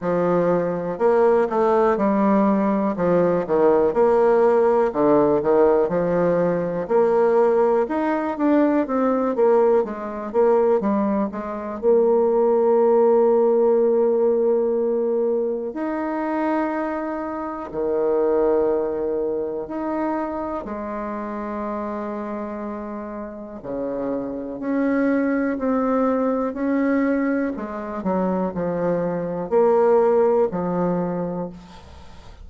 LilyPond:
\new Staff \with { instrumentName = "bassoon" } { \time 4/4 \tempo 4 = 61 f4 ais8 a8 g4 f8 dis8 | ais4 d8 dis8 f4 ais4 | dis'8 d'8 c'8 ais8 gis8 ais8 g8 gis8 | ais1 |
dis'2 dis2 | dis'4 gis2. | cis4 cis'4 c'4 cis'4 | gis8 fis8 f4 ais4 f4 | }